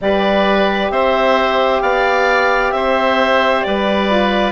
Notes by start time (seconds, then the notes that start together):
0.01 G3 G4 B4 D5
0.90 C4 C5 E5
1.81 B3 D5 F5
2.71 C4 C5 E5
3.62 G3 B4 D5
4.10 F4